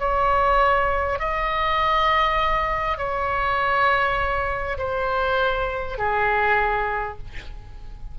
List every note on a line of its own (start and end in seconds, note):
0.00 1.19 C#5
1.19 2.98 D#5
2.98 4.78 C#5
4.79 5.99 C5
5.99 7.19 G#4